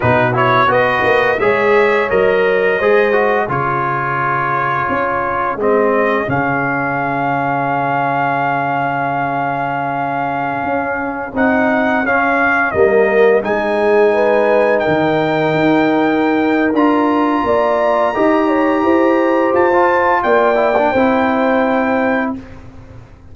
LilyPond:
<<
  \new Staff \with { instrumentName = "trumpet" } { \time 4/4 \tempo 4 = 86 b'8 cis''8 dis''4 e''4 dis''4~ | dis''4 cis''2. | dis''4 f''2.~ | f''1~ |
f''16 fis''4 f''4 dis''4 gis''8.~ | gis''4~ gis''16 g''2~ g''8. | ais''1 | a''4 g''2. | }
  \new Staff \with { instrumentName = "horn" } { \time 4/4 fis'4 b'4 cis''2 | c''4 gis'2.~ | gis'1~ | gis'1~ |
gis'2~ gis'16 ais'4 gis'8.~ | gis'16 b'4 ais'2~ ais'8.~ | ais'4 d''4 dis''8 cis''8 c''4~ | c''4 d''4 c''2 | }
  \new Staff \with { instrumentName = "trombone" } { \time 4/4 dis'8 e'8 fis'4 gis'4 ais'4 | gis'8 fis'8 f'2. | c'4 cis'2.~ | cis'1~ |
cis'16 dis'4 cis'4 ais4 dis'8.~ | dis'1 | f'2 g'2~ | g'16 f'4~ f'16 e'16 d'16 e'2 | }
  \new Staff \with { instrumentName = "tuba" } { \time 4/4 b,4 b8 ais8 gis4 fis4 | gis4 cis2 cis'4 | gis4 cis2.~ | cis2.~ cis16 cis'8.~ |
cis'16 c'4 cis'4 g4 gis8.~ | gis4~ gis16 dis4 dis'4.~ dis'16 | d'4 ais4 dis'4 e'4 | f'4 ais4 c'2 | }
>>